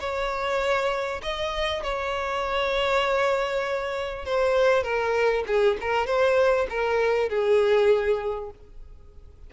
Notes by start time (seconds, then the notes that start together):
0.00 C#5
1.23 D#5
1.83 C#5
4.25 C5
4.83 A#4
5.47 G#4
5.81 A#4
6.06 C5
6.70 A#4
7.29 G#4